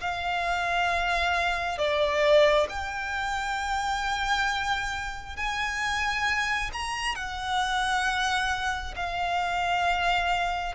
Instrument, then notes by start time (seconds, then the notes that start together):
violin
0.00 F5
1.77 D5
2.69 G5
5.36 G#5
6.73 A#5
7.15 F#5
8.96 F5